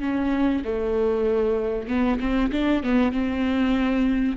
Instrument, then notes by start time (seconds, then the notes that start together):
viola
0.00 C#4
0.64 A3
1.88 B3
2.20 C4
2.51 D4
2.83 B3
3.11 C4